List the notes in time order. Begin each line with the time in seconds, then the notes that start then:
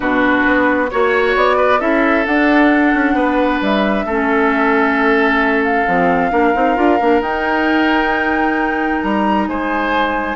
0.00 B2 D4 F#4 B4
0.46 B3
0.89 A#3 F#4 C#5
1.35 B3 D5
1.56 B4
1.79 C#4 E4 A4 E5
2.25 D4 F#5
2.94 C#4
3.14 B3 B4
3.61 G3 E5
4.04 A3 C#4 A4
5.63 F5
5.87 F3 C4
6.30 A#3 D4 A#4
6.54 C4 D#4
6.75 D4 F4
7.00 A#3 D4
7.20 D#4 G5
9.02 G3 A#5
9.48 G#3 C5 G#5